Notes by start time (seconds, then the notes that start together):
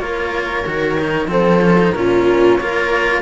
0.00 A#3 F4 A#4 C#5
0.66 D#3 F#4
1.00 D#4
1.27 F3 C4 A4 C5
1.62 C#4
1.79 D#4
1.92 A#2 C#4 F4 A#4
2.57 A#3 F4 A#4 C#5